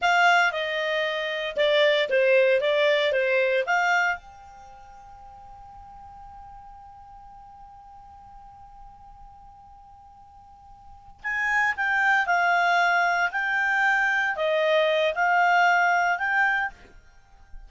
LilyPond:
\new Staff \with { instrumentName = "clarinet" } { \time 4/4 \tempo 4 = 115 f''4 dis''2 d''4 | c''4 d''4 c''4 f''4 | g''1~ | g''1~ |
g''1~ | g''4. gis''4 g''4 f''8~ | f''4. g''2 dis''8~ | dis''4 f''2 g''4 | }